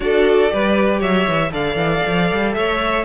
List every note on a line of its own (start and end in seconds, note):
0.00 0.51 D4
0.00 0.49 F#4
0.00 0.53 A4
0.00 1.01 D5
0.49 1.00 G3
0.49 1.50 G4
0.49 0.99 B4
0.99 1.26 F#3
0.99 1.50 C#5
0.99 1.52 E5
1.28 1.52 E3
1.51 1.75 D3
1.51 3.04 A4
1.51 2.54 D5
1.51 2.53 F5
1.75 2.01 E3
2.06 2.31 F3
2.31 2.56 G3
2.53 3.05 A3
2.53 3.05 C#5
2.53 3.04 E5